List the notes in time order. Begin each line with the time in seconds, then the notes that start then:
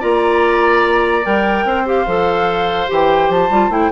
0.00 A#3 F4 D5 A#5
1.23 G3 A#4 G5
1.64 C4 C5
1.85 G4 F5
2.06 F3 A4
2.87 E3 G4 G5
3.29 F3 A5
3.50 G3 F4
3.69 A3 E4 G5